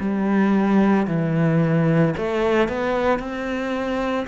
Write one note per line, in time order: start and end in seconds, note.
0.00 1.07 G3
1.07 2.14 E3
2.17 2.68 A3
2.68 3.19 B3
3.19 4.27 C4